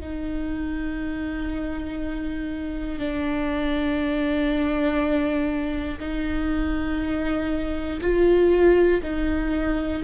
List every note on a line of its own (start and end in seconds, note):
0.00 2.99 D#4
2.99 5.99 D4
6.00 8.00 D#4
8.01 9.01 F4
9.03 10.03 D#4